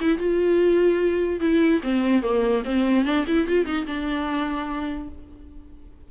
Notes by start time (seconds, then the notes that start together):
0.00 E4
0.17 F4
1.40 E4
1.83 C4
2.22 A#3
2.64 C4
3.05 D4
3.27 E4
3.47 F4
3.65 D#4
3.86 D4